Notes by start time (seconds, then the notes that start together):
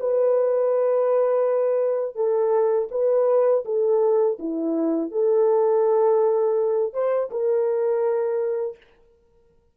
0.00 B4
2.16 A4
2.91 B4
3.65 A4
4.39 E4
5.12 A4
6.93 C5
7.31 A#4